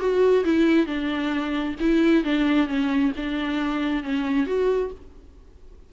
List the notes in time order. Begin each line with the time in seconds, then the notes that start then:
0.00 F#4
0.45 E4
0.87 D4
1.80 E4
2.24 D4
2.67 C#4
3.17 D4
4.04 C#4
4.47 F#4